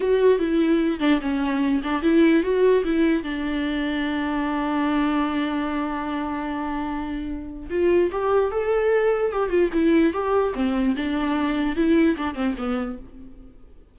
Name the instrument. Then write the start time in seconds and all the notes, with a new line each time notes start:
viola
0.00 F#4
0.39 E4
0.99 D4
1.21 C#4
1.83 D4
2.02 E4
2.43 F#4
2.84 E4
3.23 D4
7.70 F4
8.11 G4
8.51 A4
9.32 G4
9.49 F4
9.73 E4
10.13 G4
10.54 C4
10.96 D4
11.75 E4
12.17 D4
12.34 C4
12.57 B3